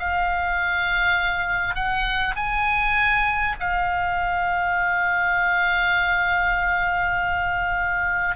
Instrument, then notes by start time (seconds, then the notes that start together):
oboe
0.00 F5
1.76 F#5
2.36 G#5
3.61 F5